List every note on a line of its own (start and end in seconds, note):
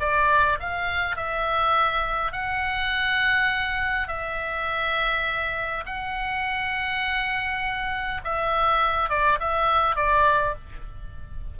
0.00 0.59 D5
0.60 1.16 F5
1.16 2.33 E5
2.33 4.08 F#5
4.08 5.84 E5
5.86 8.21 F#5
8.25 9.09 E5
9.09 9.39 D5
9.40 9.96 E5
9.96 10.55 D5